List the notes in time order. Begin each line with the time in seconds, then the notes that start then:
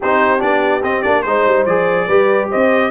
0.00 C4 D#4 G4 C5
0.39 B3 D4 D5
0.82 C4 D#5
1.02 A#3 D4 D5
1.22 G#3 D#4 C5
1.45 G3
1.65 F3 G#4 D5
2.07 G3 G4 B4
2.50 C4 C5 D#5